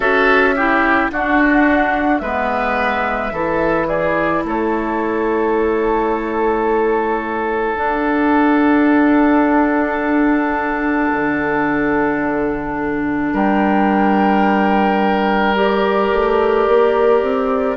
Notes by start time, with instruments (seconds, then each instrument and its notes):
0.00 bassoon C#4, clarinet F#4, oboe A4, flute E5
0.55 clarinet E4, oboe G4
1.11 bassoon D4, clarinet D4, oboe F#4, flute F#5
2.19 bassoon G#3, clarinet B3, oboe B4, flute E5
3.31 bassoon E3, clarinet E4, oboe A4
3.87 oboe G#4, flute D5
4.44 bassoon A3, oboe A4, flute C#5
7.75 clarinet D4, bassoon D4, flute F#5
11.12 bassoon D3
13.33 bassoon G3, oboe A#4, flute G5
15.54 clarinet G4, flute D5
16.12 bassoon A3
16.67 bassoon A#3
17.22 bassoon C4